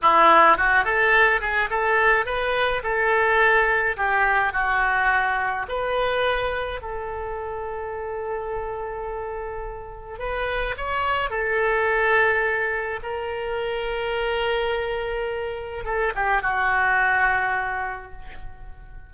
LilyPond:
\new Staff \with { instrumentName = "oboe" } { \time 4/4 \tempo 4 = 106 e'4 fis'8 a'4 gis'8 a'4 | b'4 a'2 g'4 | fis'2 b'2 | a'1~ |
a'2 b'4 cis''4 | a'2. ais'4~ | ais'1 | a'8 g'8 fis'2. | }